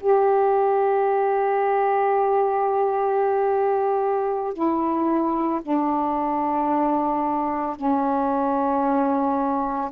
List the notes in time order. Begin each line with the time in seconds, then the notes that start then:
0.00 G4
4.53 E4
5.62 D4
7.76 C#4